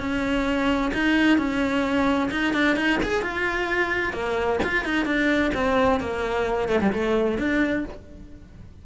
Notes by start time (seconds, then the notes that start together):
0.00 C#4
0.94 D#4
1.38 C#4
2.31 D#4
2.54 D4
2.77 D#4
3.03 G#4
3.22 F4
4.13 A#3
4.64 F4
4.85 D#4
5.06 D4
5.54 C4
6.01 A#3
6.69 A3
6.81 G3
6.93 A3
7.38 D4